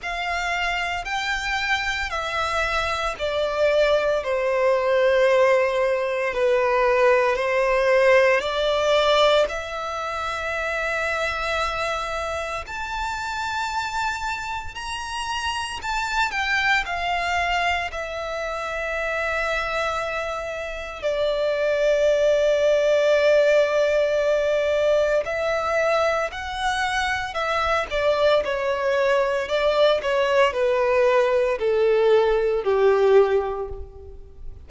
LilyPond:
\new Staff \with { instrumentName = "violin" } { \time 4/4 \tempo 4 = 57 f''4 g''4 e''4 d''4 | c''2 b'4 c''4 | d''4 e''2. | a''2 ais''4 a''8 g''8 |
f''4 e''2. | d''1 | e''4 fis''4 e''8 d''8 cis''4 | d''8 cis''8 b'4 a'4 g'4 | }